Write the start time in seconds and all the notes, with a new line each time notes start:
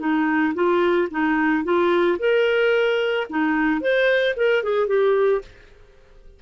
0.00 D#4
0.55 F4
1.11 D#4
1.64 F4
2.19 A#4
3.30 D#4
3.81 C5
4.37 A#4
4.64 G#4
4.88 G4